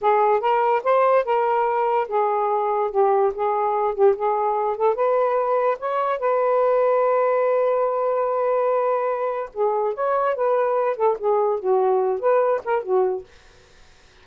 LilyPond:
\new Staff \with { instrumentName = "saxophone" } { \time 4/4 \tempo 4 = 145 gis'4 ais'4 c''4 ais'4~ | ais'4 gis'2 g'4 | gis'4. g'8 gis'4. a'8 | b'2 cis''4 b'4~ |
b'1~ | b'2. gis'4 | cis''4 b'4. a'8 gis'4 | fis'4. b'4 ais'8 fis'4 | }